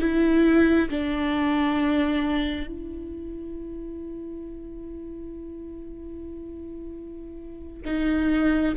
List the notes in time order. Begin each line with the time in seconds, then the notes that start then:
0.00 E4
0.90 D4
2.67 E4
7.86 D#4